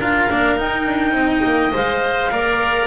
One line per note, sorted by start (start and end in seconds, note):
0.00 0.29 D4
0.00 0.30 F4
0.00 1.15 A#4
0.00 0.59 F5
0.31 0.60 A#3
0.31 0.57 D4
0.57 1.72 D#4
0.57 0.87 D#4
0.57 1.75 G5
0.87 1.12 D4
1.12 1.41 C4
1.12 2.32 D#5
1.45 1.74 A#3
1.73 2.32 G#3
1.73 2.31 C5
1.73 2.87 F5
2.32 2.87 A#3
2.32 2.87 A#4
2.32 2.87 D5